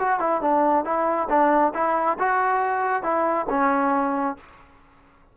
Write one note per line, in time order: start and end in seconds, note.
0.00 0.20 F#4
0.20 0.42 E4
0.42 0.85 D4
0.85 1.29 E4
1.30 1.73 D4
1.75 2.18 E4
2.20 3.03 F#4
3.03 3.47 E4
3.50 4.37 C#4